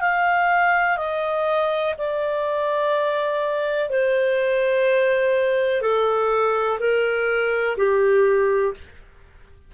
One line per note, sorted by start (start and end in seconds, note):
0.00 0.97 F5
0.97 1.94 D#5
1.98 3.89 D5
3.89 5.81 C5
5.81 6.78 A4
6.79 7.76 A#4
7.76 8.73 G4